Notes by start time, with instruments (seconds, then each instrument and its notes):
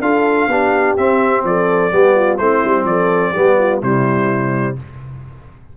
0.00 tuba D4, trombone F4, horn A4, trumpet F5
0.47 tuba B3, trombone D4, horn G4
0.97 trombone C4, tuba C4, trumpet E5
1.44 tuba F3, horn A4, trumpet D5
1.91 tuba G3, trombone B3, horn G4
2.15 horn F4
2.37 tuba A3, trombone C4, horn E4, trumpet C5
2.64 tuba G3
2.84 tuba F3, horn A4, trumpet D5
3.31 tuba G3, trombone B3, horn G4
3.58 horn F4
3.81 tuba C3, trombone G3, horn E4, trumpet C5